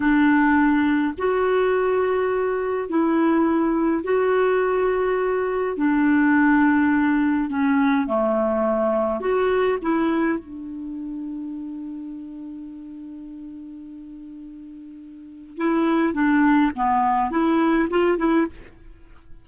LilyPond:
\new Staff \with { instrumentName = "clarinet" } { \time 4/4 \tempo 4 = 104 d'2 fis'2~ | fis'4 e'2 fis'4~ | fis'2 d'2~ | d'4 cis'4 a2 |
fis'4 e'4 d'2~ | d'1~ | d'2. e'4 | d'4 b4 e'4 f'8 e'8 | }